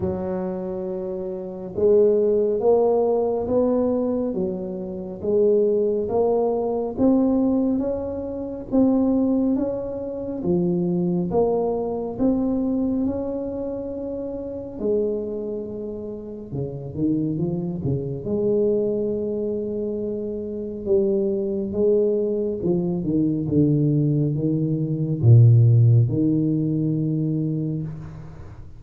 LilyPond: \new Staff \with { instrumentName = "tuba" } { \time 4/4 \tempo 4 = 69 fis2 gis4 ais4 | b4 fis4 gis4 ais4 | c'4 cis'4 c'4 cis'4 | f4 ais4 c'4 cis'4~ |
cis'4 gis2 cis8 dis8 | f8 cis8 gis2. | g4 gis4 f8 dis8 d4 | dis4 ais,4 dis2 | }